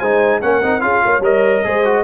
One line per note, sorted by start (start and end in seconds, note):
0.00 0.42 G#3
0.00 0.42 D#4
0.00 0.41 C5
0.00 0.41 G#5
0.42 0.63 A#3
0.42 0.63 C#4
0.42 0.83 A#4
0.42 0.81 F#5
0.63 0.83 C4
0.63 0.81 D#4
0.81 1.03 C#4
0.81 1.22 F4
0.81 1.03 G#4
0.81 1.22 F5
1.04 1.20 A#3
1.04 1.66 C#5
1.20 1.61 G3
1.20 1.65 A#4
1.20 2.04 D#5
1.65 2.04 G#3
1.65 1.85 G#4
1.65 2.04 C5
1.85 2.04 F#4